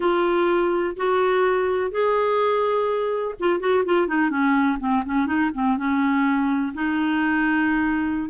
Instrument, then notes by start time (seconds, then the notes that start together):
clarinet
0.00 F4
0.96 F#4
1.91 G#4
3.39 F4
3.60 F#4
3.85 F4
4.07 D#4
4.29 C#4
4.79 C4
5.05 C#4
5.26 D#4
5.54 C4
5.77 C#4
6.74 D#4